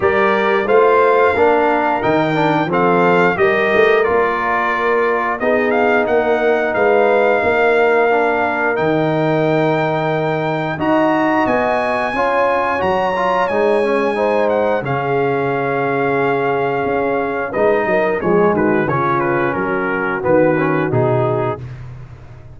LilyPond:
<<
  \new Staff \with { instrumentName = "trumpet" } { \time 4/4 \tempo 4 = 89 d''4 f''2 g''4 | f''4 dis''4 d''2 | dis''8 f''8 fis''4 f''2~ | f''4 g''2. |
ais''4 gis''2 ais''4 | gis''4. fis''8 f''2~ | f''2 dis''4 cis''8 b'8 | cis''8 b'8 ais'4 b'4 gis'4 | }
  \new Staff \with { instrumentName = "horn" } { \time 4/4 ais'4 c''4 ais'2 | a'4 ais'2. | gis'4 ais'4 b'4 ais'4~ | ais'1 |
dis''2 cis''2~ | cis''4 c''4 gis'2~ | gis'2 b'8 ais'8 gis'8 fis'8 | f'4 fis'2. | }
  \new Staff \with { instrumentName = "trombone" } { \time 4/4 g'4 f'4 d'4 dis'8 d'8 | c'4 g'4 f'2 | dis'1 | d'4 dis'2. |
fis'2 f'4 fis'8 f'8 | dis'8 cis'8 dis'4 cis'2~ | cis'2 dis'4 gis4 | cis'2 b8 cis'8 dis'4 | }
  \new Staff \with { instrumentName = "tuba" } { \time 4/4 g4 a4 ais4 dis4 | f4 g8 a8 ais2 | b4 ais4 gis4 ais4~ | ais4 dis2. |
dis'4 b4 cis'4 fis4 | gis2 cis2~ | cis4 cis'4 gis8 fis8 f8 dis8 | cis4 fis4 dis4 b,4 | }
>>